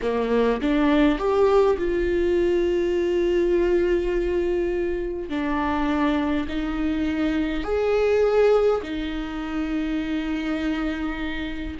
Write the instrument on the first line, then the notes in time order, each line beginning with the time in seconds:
viola
0.02 A#3
0.61 D4
1.18 G4
1.78 F4
5.29 D4
6.48 D#4
7.63 G#4
8.82 D#4